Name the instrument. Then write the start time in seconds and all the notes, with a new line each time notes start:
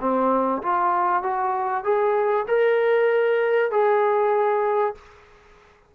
trombone
0.00 C4
0.62 F4
1.23 F#4
1.84 G#4
2.48 A#4
3.71 G#4